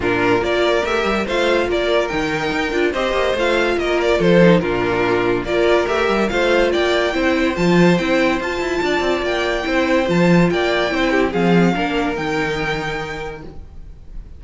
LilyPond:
<<
  \new Staff \with { instrumentName = "violin" } { \time 4/4 \tempo 4 = 143 ais'4 d''4 e''4 f''4 | d''4 g''2 dis''4 | f''4 dis''8 d''8 c''4 ais'4~ | ais'4 d''4 e''4 f''4 |
g''2 a''4 g''4 | a''2 g''2 | a''4 g''2 f''4~ | f''4 g''2. | }
  \new Staff \with { instrumentName = "violin" } { \time 4/4 f'4 ais'2 c''4 | ais'2. c''4~ | c''4 ais'4 a'4 f'4~ | f'4 ais'2 c''4 |
d''4 c''2.~ | c''4 d''2 c''4~ | c''4 d''4 c''8 g'8 gis'4 | ais'1 | }
  \new Staff \with { instrumentName = "viola" } { \time 4/4 d'4 f'4 g'4 f'4~ | f'4 dis'4. f'8 g'4 | f'2~ f'8 dis'8 d'4~ | d'4 f'4 g'4 f'4~ |
f'4 e'4 f'4 e'4 | f'2. e'4 | f'2 e'4 c'4 | d'4 dis'2. | }
  \new Staff \with { instrumentName = "cello" } { \time 4/4 ais,4 ais4 a8 g8 a4 | ais4 dis4 dis'8 d'8 c'8 ais8 | a4 ais4 f4 ais,4~ | ais,4 ais4 a8 g8 a4 |
ais4 c'4 f4 c'4 | f'8 e'8 d'8 c'8 ais4 c'4 | f4 ais4 c'4 f4 | ais4 dis2. | }
>>